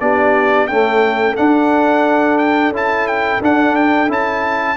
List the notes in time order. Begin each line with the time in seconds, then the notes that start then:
0.00 B3 D4 G4 D5
0.67 A3 C#4 A4 G5
1.36 D4 F#5
2.38 G5
2.69 C#4 E4
2.76 A5
3.07 G5
3.41 D4 F#5
3.76 G5
4.08 C#4 E4 A5